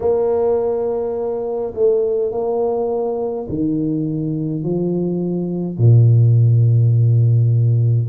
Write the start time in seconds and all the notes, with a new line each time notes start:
0.00 A#3
1.74 A3
2.31 A#3
3.48 D#3
4.63 F3
5.77 A#2